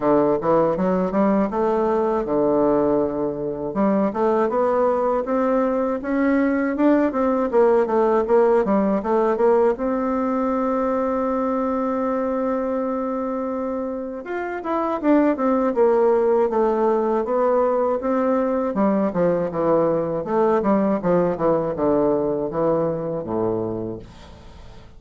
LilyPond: \new Staff \with { instrumentName = "bassoon" } { \time 4/4 \tempo 4 = 80 d8 e8 fis8 g8 a4 d4~ | d4 g8 a8 b4 c'4 | cis'4 d'8 c'8 ais8 a8 ais8 g8 | a8 ais8 c'2.~ |
c'2. f'8 e'8 | d'8 c'8 ais4 a4 b4 | c'4 g8 f8 e4 a8 g8 | f8 e8 d4 e4 a,4 | }